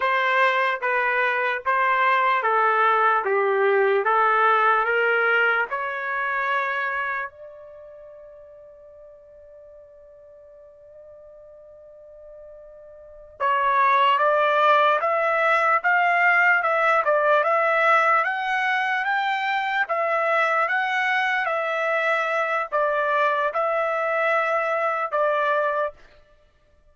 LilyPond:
\new Staff \with { instrumentName = "trumpet" } { \time 4/4 \tempo 4 = 74 c''4 b'4 c''4 a'4 | g'4 a'4 ais'4 cis''4~ | cis''4 d''2.~ | d''1~ |
d''8 cis''4 d''4 e''4 f''8~ | f''8 e''8 d''8 e''4 fis''4 g''8~ | g''8 e''4 fis''4 e''4. | d''4 e''2 d''4 | }